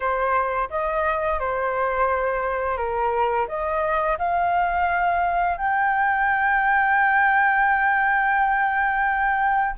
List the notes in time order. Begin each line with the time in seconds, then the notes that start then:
0.00 C5
0.70 D#5
1.39 C5
2.77 A#4
3.48 D#5
4.18 F5
5.57 G5